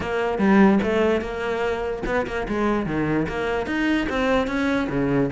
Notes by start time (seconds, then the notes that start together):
0.00 A#3
0.38 G3
0.82 A3
1.21 A#3
2.06 B3
2.27 A#3
2.48 G#3
2.86 D#3
3.28 A#3
3.66 D#4
4.09 C4
4.47 C#4
4.89 C#3